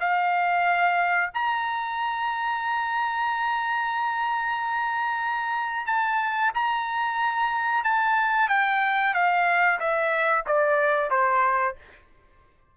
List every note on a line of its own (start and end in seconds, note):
0.00 1.30 F5
1.34 5.87 A#5
5.87 6.52 A5
6.54 7.84 A#5
7.84 8.49 A5
8.49 9.14 G5
9.14 9.79 F5
9.80 10.45 E5
10.46 11.10 D5
11.10 11.75 C5